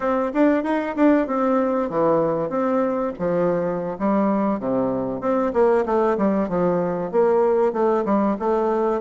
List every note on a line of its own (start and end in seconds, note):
0.00 0.32 C4
0.33 0.63 D4
0.63 0.95 D#4
0.96 1.27 D4
1.27 1.89 C4
1.89 2.49 E3
2.49 3.12 C4
3.18 3.97 F3
3.98 4.59 G3
4.59 5.20 C3
5.20 5.52 C4
5.53 5.84 A#3
5.85 6.17 A3
6.17 6.48 G3
6.48 7.11 F3
7.11 7.72 A#3
7.72 8.04 A3
8.05 8.37 G3
8.39 9.01 A3